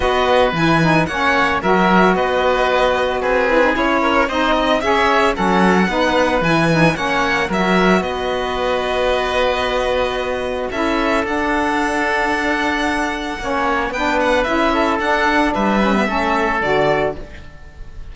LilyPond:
<<
  \new Staff \with { instrumentName = "violin" } { \time 4/4 \tempo 4 = 112 dis''4 gis''4 fis''4 e''4 | dis''2 b'4 cis''4 | dis''4 e''4 fis''2 | gis''4 fis''4 e''4 dis''4~ |
dis''1 | e''4 fis''2.~ | fis''2 g''8 fis''8 e''4 | fis''4 e''2 d''4 | }
  \new Staff \with { instrumentName = "oboe" } { \time 4/4 b'2 cis''4 ais'4 | b'2 gis'4. ais'8 | c''8 dis''8 cis''4 a'4 b'4~ | b'4 cis''4 ais'4 b'4~ |
b'1 | a'1~ | a'4 cis''4 b'4. a'8~ | a'4 b'4 a'2 | }
  \new Staff \with { instrumentName = "saxophone" } { \time 4/4 fis'4 e'8 dis'8 cis'4 fis'4~ | fis'2~ fis'8 e'16 dis'16 e'4 | dis'4 gis'4 cis'4 dis'4 | e'8 dis'8 cis'4 fis'2~ |
fis'1 | e'4 d'2.~ | d'4 cis'4 d'4 e'4 | d'4. cis'16 b16 cis'4 fis'4 | }
  \new Staff \with { instrumentName = "cello" } { \time 4/4 b4 e4 ais4 fis4 | b2 c'4 cis'4 | c'4 cis'4 fis4 b4 | e4 ais4 fis4 b4~ |
b1 | cis'4 d'2.~ | d'4 ais4 b4 cis'4 | d'4 g4 a4 d4 | }
>>